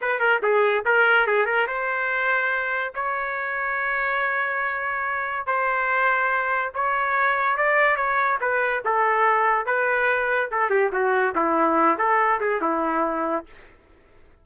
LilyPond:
\new Staff \with { instrumentName = "trumpet" } { \time 4/4 \tempo 4 = 143 b'8 ais'8 gis'4 ais'4 gis'8 ais'8 | c''2. cis''4~ | cis''1~ | cis''4 c''2. |
cis''2 d''4 cis''4 | b'4 a'2 b'4~ | b'4 a'8 g'8 fis'4 e'4~ | e'8 a'4 gis'8 e'2 | }